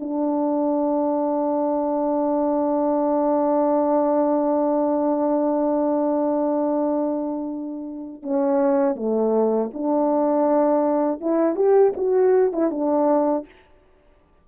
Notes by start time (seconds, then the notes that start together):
0.00 D4
8.23 C#4
8.96 A3
9.74 D4
11.21 E4
11.56 G4
11.97 F#4
12.53 E4
12.71 D4